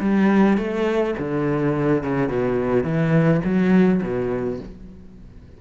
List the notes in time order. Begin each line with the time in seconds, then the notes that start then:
0.00 G3
0.57 A3
1.18 D3
2.03 C#3
2.28 B2
2.83 E3
3.44 F#3
4.02 B2